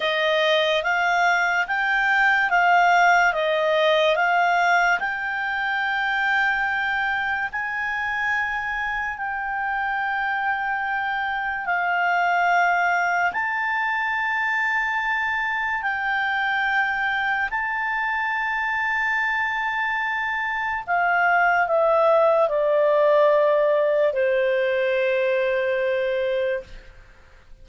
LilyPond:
\new Staff \with { instrumentName = "clarinet" } { \time 4/4 \tempo 4 = 72 dis''4 f''4 g''4 f''4 | dis''4 f''4 g''2~ | g''4 gis''2 g''4~ | g''2 f''2 |
a''2. g''4~ | g''4 a''2.~ | a''4 f''4 e''4 d''4~ | d''4 c''2. | }